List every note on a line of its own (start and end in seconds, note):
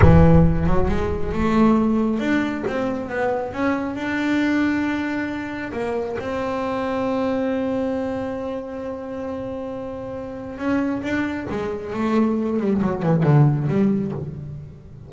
0.01 0.67 E3
0.67 0.88 F#3
0.88 1.32 G#3
1.32 2.19 A3
2.19 2.64 D4
2.67 3.09 C4
3.09 3.53 B3
3.53 3.95 C#4
3.95 5.72 D4
5.72 6.16 A#3
6.19 10.57 C4
10.57 11.02 C#4
11.02 11.46 D4
11.49 11.93 G#3
11.93 12.59 A3
12.59 12.81 G3
12.81 13.02 F#3
13.02 13.23 E3
13.23 13.67 D3
13.68 14.12 G3